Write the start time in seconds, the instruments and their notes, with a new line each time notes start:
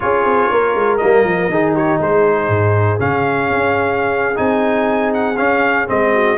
0.00 tuba C#4, trombone F4, horn G#4, trumpet C#5
0.25 tuba C4
0.51 tuba A#3, horn A#4
0.74 tuba G#3
0.97 tuba G3, trombone A#3, trumpet D#5
1.24 tuba F3
1.48 tuba D#3, trombone D#4, horn G#4
1.73 horn G4, trumpet C#5
1.99 tuba G#3, horn G#4, trumpet C5
2.48 tuba G#2
2.98 tuba C#3, trombone C#4, trumpet F5
3.49 tuba C#4
4.35 tuba C4, trombone D#4, trumpet G#5
5.13 trumpet F#5
5.37 trombone C#4, tuba C#4, trumpet F5
5.86 tuba G#3, trombone C4, trumpet D#5
6.13 horn F#4